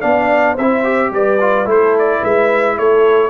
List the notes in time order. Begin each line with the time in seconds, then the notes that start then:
0.00 B3 D4 D5 F5
0.53 C4 C5 E5
0.61 E4
0.84 G4
1.11 G3 B4 D5
1.40 F4
1.65 A3 E4 A4 C5
1.98 D5
2.20 G#3 B4 E5
2.78 A3 A4 C#5